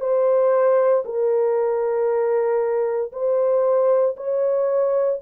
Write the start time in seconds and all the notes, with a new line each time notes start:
0.00 C5
1.05 A#4
3.13 C5
4.17 C#5